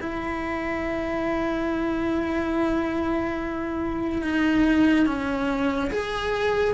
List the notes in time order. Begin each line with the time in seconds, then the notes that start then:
0.00 E4
4.22 D#4
5.06 C#4
5.90 G#4